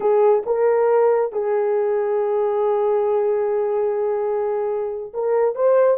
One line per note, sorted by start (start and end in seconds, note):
0.00 0.43 G#4
0.45 1.32 A#4
1.32 5.12 G#4
5.13 5.55 A#4
5.55 5.97 C5